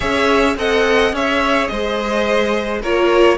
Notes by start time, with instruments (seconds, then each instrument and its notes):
0.00 cello C#4, viola G#4, violin C#5 E5
0.56 cello C4, viola A4, violin D#5 F#5
1.12 cello C#4, viola G#4, violin C#5 E5
1.67 cello G#3, violin C5 D#5
2.81 cello A#3, viola F4, violin A#4 C#5